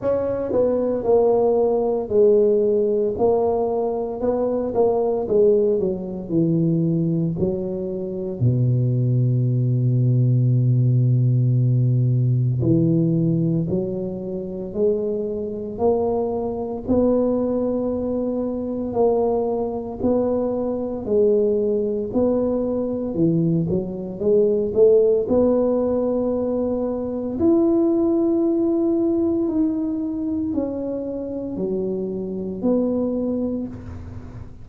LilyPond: \new Staff \with { instrumentName = "tuba" } { \time 4/4 \tempo 4 = 57 cis'8 b8 ais4 gis4 ais4 | b8 ais8 gis8 fis8 e4 fis4 | b,1 | e4 fis4 gis4 ais4 |
b2 ais4 b4 | gis4 b4 e8 fis8 gis8 a8 | b2 e'2 | dis'4 cis'4 fis4 b4 | }